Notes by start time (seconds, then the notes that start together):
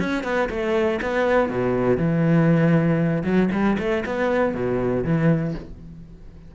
0.00 C#4
0.24 B3
0.50 A3
1.02 B3
1.49 B2
1.98 E3
3.24 F#3
3.52 G3
3.79 A3
4.06 B3
4.55 B2
5.04 E3